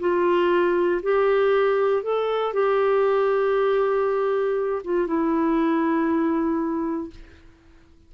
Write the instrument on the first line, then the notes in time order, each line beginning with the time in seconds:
clarinet
0.00 F4
1.03 G4
2.03 A4
2.54 G4
4.84 F4
5.07 E4